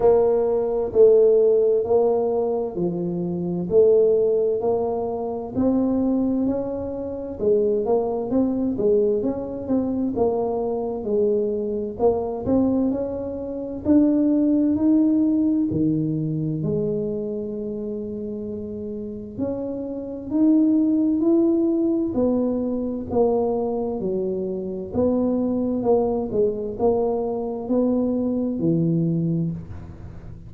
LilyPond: \new Staff \with { instrumentName = "tuba" } { \time 4/4 \tempo 4 = 65 ais4 a4 ais4 f4 | a4 ais4 c'4 cis'4 | gis8 ais8 c'8 gis8 cis'8 c'8 ais4 | gis4 ais8 c'8 cis'4 d'4 |
dis'4 dis4 gis2~ | gis4 cis'4 dis'4 e'4 | b4 ais4 fis4 b4 | ais8 gis8 ais4 b4 e4 | }